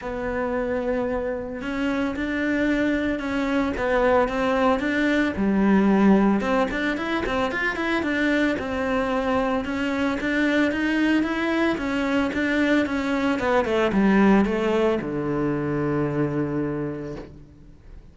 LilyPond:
\new Staff \with { instrumentName = "cello" } { \time 4/4 \tempo 4 = 112 b2. cis'4 | d'2 cis'4 b4 | c'4 d'4 g2 | c'8 d'8 e'8 c'8 f'8 e'8 d'4 |
c'2 cis'4 d'4 | dis'4 e'4 cis'4 d'4 | cis'4 b8 a8 g4 a4 | d1 | }